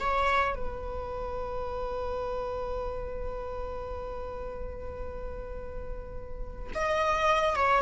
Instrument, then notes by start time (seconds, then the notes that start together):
viola
0.00 C#5
0.55 B4
6.75 D#5
7.56 C#5